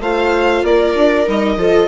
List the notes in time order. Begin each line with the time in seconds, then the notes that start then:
0.00 A3 F4 C5 F5
0.63 A#3 A#4 D5
0.94 D4
1.26 G3 D#4 D#5
1.57 F3 F4 A4